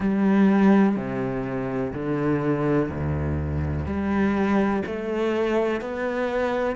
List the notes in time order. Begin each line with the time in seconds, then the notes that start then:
0.00 G3
0.96 C3
1.93 D3
2.89 D2
3.85 G3
4.86 A3
5.81 B3